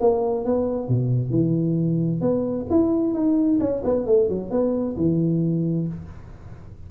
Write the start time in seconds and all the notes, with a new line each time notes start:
0.00 A#3
0.45 B3
0.88 B2
1.30 E3
2.21 B3
2.70 E4
3.14 D#4
3.60 C#4
3.84 B3
4.06 A3
4.29 F#3
4.51 B3
4.97 E3